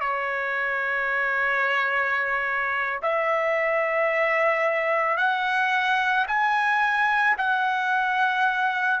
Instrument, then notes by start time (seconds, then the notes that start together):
trumpet
0.00 C#5
3.02 E5
5.17 F#5
6.27 G#5
7.37 F#5